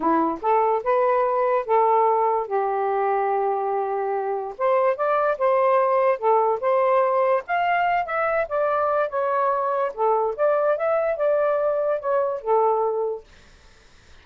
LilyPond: \new Staff \with { instrumentName = "saxophone" } { \time 4/4 \tempo 4 = 145 e'4 a'4 b'2 | a'2 g'2~ | g'2. c''4 | d''4 c''2 a'4 |
c''2 f''4. e''8~ | e''8 d''4. cis''2 | a'4 d''4 e''4 d''4~ | d''4 cis''4 a'2 | }